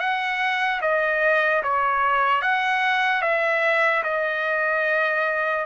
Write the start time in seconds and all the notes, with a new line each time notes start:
0.00 F#5
0.82 D#5
1.64 C#5
2.42 F#5
3.22 E5
4.04 D#5